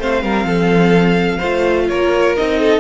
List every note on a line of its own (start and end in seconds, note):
0.00 0.24 A3
0.00 1.42 C4
0.00 0.24 C5
0.00 1.89 F5
0.24 0.44 G3
0.24 0.47 A#4
0.44 1.39 F3
0.44 1.38 A4
1.38 1.90 A3
1.38 2.37 F4
1.38 1.86 C5
1.89 2.37 A#3
1.89 2.60 A#4
1.89 2.36 C#5
2.37 2.80 C4
2.37 2.80 D#4
2.37 2.80 D#5
2.60 2.80 A4